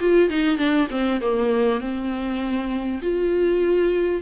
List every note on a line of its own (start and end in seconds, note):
0.00 0.29 F4
0.29 0.57 D#4
0.57 0.87 D4
0.90 1.20 C4
1.21 1.80 A#3
1.80 3.00 C4
3.02 4.22 F4